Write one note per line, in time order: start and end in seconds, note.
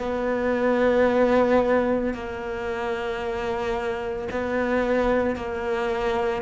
0.00 2.14 B3
2.14 4.29 A#3
4.31 5.36 B3
5.36 6.43 A#3